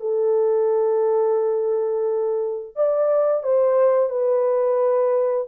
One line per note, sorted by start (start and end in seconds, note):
0.00 2.76 A4
2.76 3.43 D5
3.43 4.09 C5
4.09 5.47 B4